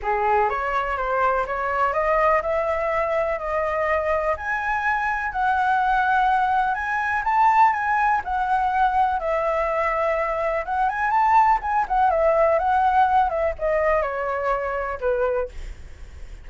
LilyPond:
\new Staff \with { instrumentName = "flute" } { \time 4/4 \tempo 4 = 124 gis'4 cis''4 c''4 cis''4 | dis''4 e''2 dis''4~ | dis''4 gis''2 fis''4~ | fis''2 gis''4 a''4 |
gis''4 fis''2 e''4~ | e''2 fis''8 gis''8 a''4 | gis''8 fis''8 e''4 fis''4. e''8 | dis''4 cis''2 b'4 | }